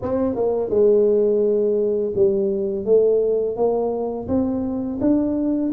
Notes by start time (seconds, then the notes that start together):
0.02 C4
0.35 A#3
0.70 G#3
2.15 G3
2.85 A3
3.56 A#3
4.28 C4
5.00 D4